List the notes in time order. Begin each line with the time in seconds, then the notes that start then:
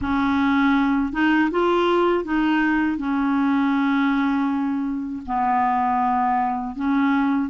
0.01 C#4
1.12 D#4
1.50 F4
2.24 D#4
2.97 C#4
5.26 B3
6.75 C#4